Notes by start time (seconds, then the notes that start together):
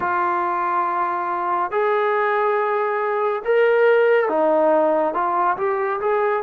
0.00 F4
1.71 G#4
3.44 A#4
4.28 D#4
5.14 F4
5.57 G4
6.00 G#4